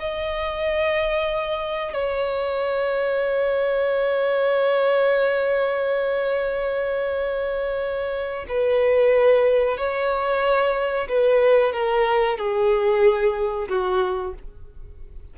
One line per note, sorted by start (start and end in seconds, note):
0.00 1.94 D#5
1.94 8.46 C#5
8.49 9.78 B4
9.78 11.08 C#5
11.09 11.73 B4
11.73 12.38 A#4
12.38 13.69 G#4
13.69 14.34 F#4